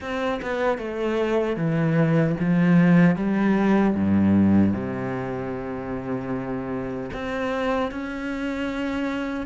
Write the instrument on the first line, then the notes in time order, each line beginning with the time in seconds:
cello
0.00 C4
0.42 B3
0.78 A3
1.56 E3
2.40 F3
3.16 G3
3.94 G2
4.73 C3
7.13 C4
7.91 C#4